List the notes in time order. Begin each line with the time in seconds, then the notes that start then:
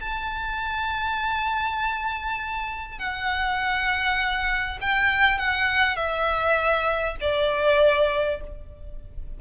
0.00 A5
2.98 F#5
4.81 G5
5.38 F#5
5.96 E5
7.20 D5